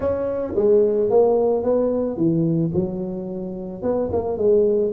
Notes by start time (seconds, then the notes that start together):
0.00 C#4
0.55 G#3
1.09 A#3
1.63 B3
2.16 E3
2.73 F#3
3.82 B3
4.12 A#3
4.37 G#3